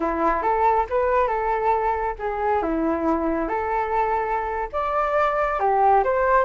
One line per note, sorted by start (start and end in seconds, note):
0.00 0.42 E4
0.42 0.86 A4
0.89 1.27 B4
1.27 2.15 A4
2.18 2.62 G#4
2.62 3.48 E4
3.48 4.68 A4
4.72 5.59 D5
5.59 6.03 G4
6.03 6.45 C5